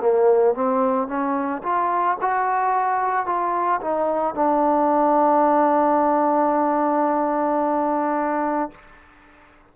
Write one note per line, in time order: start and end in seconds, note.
0.00 0.54 A#3
0.54 1.08 C4
1.08 1.62 C#4
1.63 2.17 F4
2.21 3.26 F#4
3.26 3.80 F4
3.81 4.34 D#4
4.34 8.71 D4